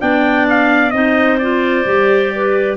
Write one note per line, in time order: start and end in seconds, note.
0.00 0.93 B3
0.00 0.92 D4
0.00 0.93 D5
0.00 0.47 G5
0.49 0.91 F5
0.91 1.85 C4
0.91 1.39 D#4
0.91 2.33 C5
0.91 1.37 D#5
1.39 1.86 F4
1.39 2.77 D5
1.86 2.77 G3
1.86 2.77 G4
2.35 2.77 B4